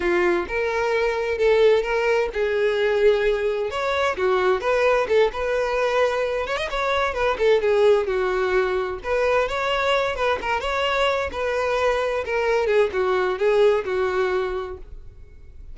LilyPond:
\new Staff \with { instrumentName = "violin" } { \time 4/4 \tempo 4 = 130 f'4 ais'2 a'4 | ais'4 gis'2. | cis''4 fis'4 b'4 a'8 b'8~ | b'2 cis''16 dis''16 cis''4 b'8 |
a'8 gis'4 fis'2 b'8~ | b'8 cis''4. b'8 ais'8 cis''4~ | cis''8 b'2 ais'4 gis'8 | fis'4 gis'4 fis'2 | }